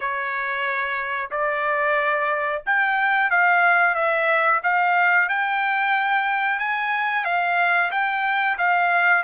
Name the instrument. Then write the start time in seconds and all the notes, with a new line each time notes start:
trumpet
0.00 C#5
1.30 D5
2.66 G5
3.30 F5
3.94 E5
4.63 F5
5.29 G5
6.59 G#5
7.24 F5
7.91 G5
8.57 F5